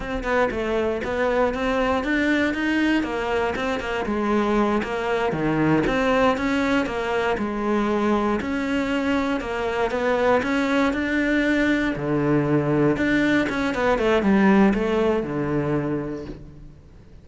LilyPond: \new Staff \with { instrumentName = "cello" } { \time 4/4 \tempo 4 = 118 c'8 b8 a4 b4 c'4 | d'4 dis'4 ais4 c'8 ais8 | gis4. ais4 dis4 c'8~ | c'8 cis'4 ais4 gis4.~ |
gis8 cis'2 ais4 b8~ | b8 cis'4 d'2 d8~ | d4. d'4 cis'8 b8 a8 | g4 a4 d2 | }